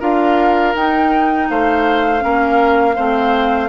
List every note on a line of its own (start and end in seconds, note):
0.00 0.75 D4
0.00 0.74 F4
0.00 1.48 A#4
0.00 0.76 F5
0.75 1.49 D#4
0.75 2.20 D#4
0.75 1.50 G5
1.50 2.23 A3
1.50 2.24 C5
1.50 3.70 F5
2.20 2.98 A#3
2.20 2.94 C#4
2.20 2.96 A#4
2.96 3.70 A3
2.96 3.70 C4
2.96 3.70 C5